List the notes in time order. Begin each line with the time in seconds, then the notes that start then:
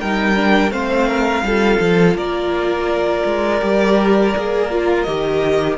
0.00 G3 D#4 A#4 G5
0.35 D4
0.71 A3 C4 C5 F5
1.08 A#4
1.42 G3 F4 A4
1.80 F3
2.15 A#3 A#4 D5
3.25 G#3
3.60 G3 G4
4.35 A#3 G#4
4.70 F4
5.03 D#3 G4 D#5